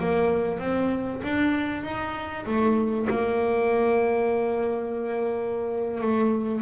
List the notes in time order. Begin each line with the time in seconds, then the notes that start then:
0.00 A#3
0.59 C4
1.23 D4
1.84 D#4
2.46 A3
3.10 A#3
6.01 A3